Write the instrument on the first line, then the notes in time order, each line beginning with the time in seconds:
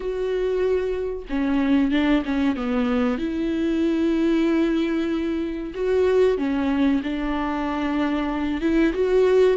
viola
0.00 F#4
1.29 C#4
1.91 D4
2.25 C#4
2.56 B3
3.18 E4
5.74 F#4
6.37 C#4
7.03 D4
8.61 E4
8.93 F#4